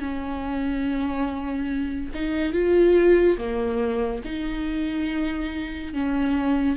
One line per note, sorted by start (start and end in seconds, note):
0.00 2.11 C#4
2.14 2.53 D#4
2.53 3.37 F4
3.38 4.22 A#3
4.24 5.93 D#4
5.93 6.76 C#4